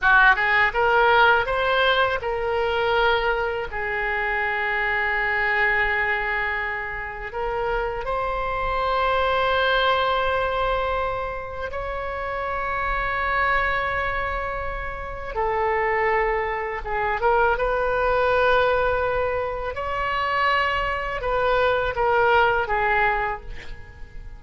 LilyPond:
\new Staff \with { instrumentName = "oboe" } { \time 4/4 \tempo 4 = 82 fis'8 gis'8 ais'4 c''4 ais'4~ | ais'4 gis'2.~ | gis'2 ais'4 c''4~ | c''1 |
cis''1~ | cis''4 a'2 gis'8 ais'8 | b'2. cis''4~ | cis''4 b'4 ais'4 gis'4 | }